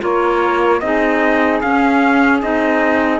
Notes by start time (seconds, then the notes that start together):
0.00 A#3 F4 A#4 C#5
0.80 C4 D#4 G#4 D#5
1.61 C#4 F5
2.42 C4 D#4 D#5